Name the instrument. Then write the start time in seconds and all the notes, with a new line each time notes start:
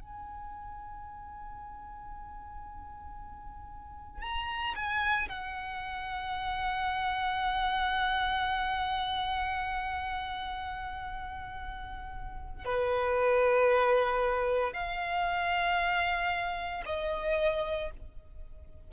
violin
0.00 G#5
4.22 A#5
4.75 G#5
5.29 F#5
12.64 B4
14.73 F5
16.85 D#5